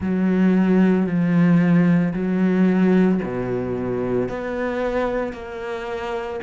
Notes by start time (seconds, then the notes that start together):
0.00 F#3
1.06 F3
2.13 F#3
3.23 B2
4.29 B3
5.33 A#3